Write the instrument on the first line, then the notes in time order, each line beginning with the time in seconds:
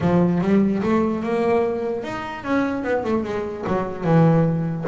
double bass
0.01 F3
0.41 G3
0.82 A3
1.23 A#3
2.03 D#4
2.43 C#4
2.83 B3
3.04 A3
3.24 G#3
3.67 F#3
4.04 E3